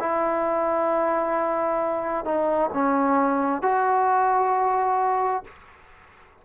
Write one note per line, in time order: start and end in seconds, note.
0.00 2.25 E4
2.25 2.71 D#4
2.74 3.62 C#4
3.62 5.44 F#4